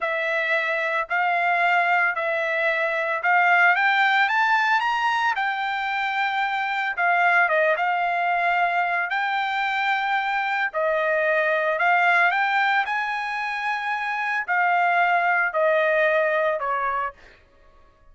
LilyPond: \new Staff \with { instrumentName = "trumpet" } { \time 4/4 \tempo 4 = 112 e''2 f''2 | e''2 f''4 g''4 | a''4 ais''4 g''2~ | g''4 f''4 dis''8 f''4.~ |
f''4 g''2. | dis''2 f''4 g''4 | gis''2. f''4~ | f''4 dis''2 cis''4 | }